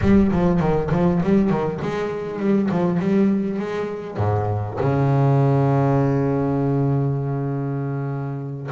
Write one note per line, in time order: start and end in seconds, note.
0.01 0.31 G3
0.31 0.60 F3
0.60 0.90 D#3
0.91 1.21 F3
1.23 1.50 G3
1.50 1.80 D#3
1.81 2.39 G#3
2.39 2.69 G3
2.71 2.99 F3
2.99 3.59 G3
3.59 4.17 G#3
4.17 4.77 G#2
4.80 8.70 C#3